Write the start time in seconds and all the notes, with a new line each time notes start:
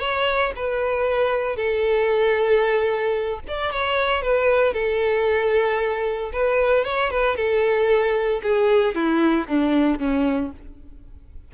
0.00 C#5
0.56 B4
1.57 A4
3.48 D5
3.72 C#5
4.23 B4
4.74 A4
6.33 B4
6.85 C#5
7.11 B4
7.37 A4
8.43 G#4
8.95 E4
9.48 D4
9.99 C#4